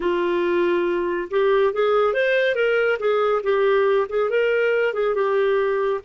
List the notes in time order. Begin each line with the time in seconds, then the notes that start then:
0.00 F4
1.30 G4
1.73 G#4
2.13 C5
2.55 A#4
2.99 G#4
3.43 G4
4.09 G#4
4.29 A#4
4.93 G#4
5.14 G4